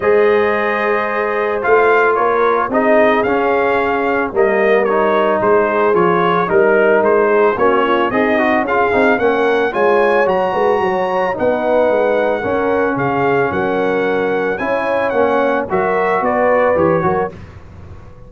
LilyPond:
<<
  \new Staff \with { instrumentName = "trumpet" } { \time 4/4 \tempo 4 = 111 dis''2. f''4 | cis''4 dis''4 f''2 | dis''4 cis''4 c''4 cis''4 | ais'4 c''4 cis''4 dis''4 |
f''4 fis''4 gis''4 ais''4~ | ais''4 fis''2. | f''4 fis''2 gis''4 | fis''4 e''4 d''4 cis''4 | }
  \new Staff \with { instrumentName = "horn" } { \time 4/4 c''1 | ais'4 gis'2. | ais'2 gis'2 | ais'4. gis'8 fis'8 f'8 dis'4 |
gis'4 ais'4 cis''4. b'8 | cis''4 b'2 ais'4 | gis'4 ais'2 cis''4~ | cis''4 ais'4 b'4. ais'8 | }
  \new Staff \with { instrumentName = "trombone" } { \time 4/4 gis'2. f'4~ | f'4 dis'4 cis'2 | ais4 dis'2 f'4 | dis'2 cis'4 gis'8 fis'8 |
f'8 dis'8 cis'4 f'4 fis'4~ | fis'4 dis'2 cis'4~ | cis'2. e'4 | cis'4 fis'2 g'8 fis'8 | }
  \new Staff \with { instrumentName = "tuba" } { \time 4/4 gis2. a4 | ais4 c'4 cis'2 | g2 gis4 f4 | g4 gis4 ais4 c'4 |
cis'8 c'8 ais4 gis4 fis8 gis8 | fis4 b4 gis4 cis'4 | cis4 fis2 cis'4 | ais4 fis4 b4 e8 fis8 | }
>>